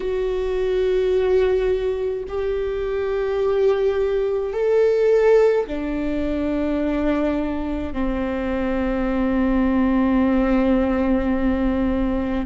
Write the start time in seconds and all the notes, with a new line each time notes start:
0.00 F#4
2.28 G4
4.53 A4
5.66 D4
7.92 C4